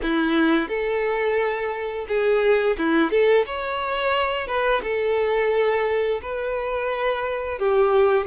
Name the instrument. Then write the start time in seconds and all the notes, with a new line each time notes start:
violin
0.02 E4
0.68 A4
2.08 G#4
2.77 E4
3.10 A4
3.46 C#5
4.47 B4
4.82 A4
6.22 B4
7.59 G4